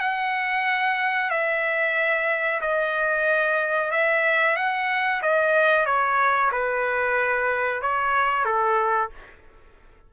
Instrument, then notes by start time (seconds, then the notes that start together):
trumpet
0.00 F#5
1.30 E5
2.61 D#5
3.91 E5
4.56 F#5
5.22 D#5
5.86 C#5
6.52 B4
7.82 C#5
8.45 A4